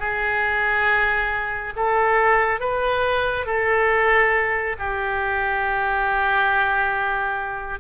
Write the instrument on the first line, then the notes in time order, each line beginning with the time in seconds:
oboe
0.00 G#4
1.76 A4
2.60 B4
3.47 A4
4.79 G4